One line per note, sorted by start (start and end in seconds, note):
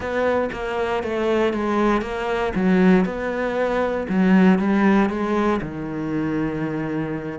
0.00 0.49 B3
0.52 1.03 A#3
1.03 1.53 A3
1.53 2.01 G#3
2.01 2.52 A#3
2.55 3.05 F#3
3.05 4.06 B3
4.08 4.59 F#3
4.59 5.09 G3
5.09 5.60 G#3
5.61 7.39 D#3